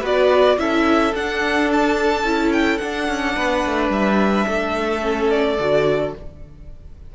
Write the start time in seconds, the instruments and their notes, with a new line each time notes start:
0.00 cello B3, viola F#4, violin B4 D5
0.58 cello C#4, viola E4, violin A4 E5
1.14 cello D4, viola D4, violin F#5
1.72 violin A5
2.23 cello C#4, viola E4
2.53 violin G5
2.78 viola D4, cello D4, violin F#5
3.08 cello C#4
3.36 cello B3, violin B4
3.66 cello A3
3.89 cello G3, violin E5
4.47 cello A3, violin A4
5.01 viola C#4
5.30 violin D5
5.59 cello D3, viola F#4